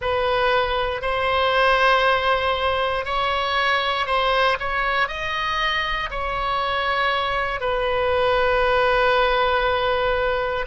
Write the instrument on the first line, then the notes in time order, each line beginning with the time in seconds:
oboe
0.01 B4
1.01 C5
3.05 C#5
4.06 C5
4.59 C#5
5.08 D#5
6.10 C#5
7.60 B4